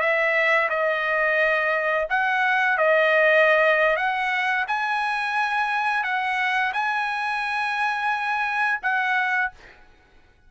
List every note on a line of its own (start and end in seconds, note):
0.00 0.69 E5
0.69 2.07 D#5
2.09 2.77 F#5
2.77 3.96 D#5
3.96 4.65 F#5
4.67 6.03 G#5
6.03 6.72 F#5
6.73 8.80 G#5
8.82 9.51 F#5